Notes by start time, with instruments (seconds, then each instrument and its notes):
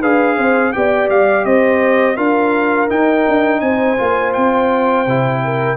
0.00 tuba D4, trombone G#4, horn B4, trumpet F5
0.37 tuba C4, horn C5
0.72 tuba B3, trombone G4, horn D5, trumpet G5
1.09 tuba G3, trumpet F5
1.45 tuba C4, horn C5, trumpet D#5
2.16 tuba D4, trombone F4, horn A#4, trumpet F5
2.88 trombone D#4, tuba D#4, trumpet G5
3.28 tuba D4
3.60 tuba C4, horn C5, trumpet G#5
3.97 tuba A#3, trombone F4
4.33 tuba C4, trumpet G5
5.06 tuba C3, trombone E4
5.44 horn A#4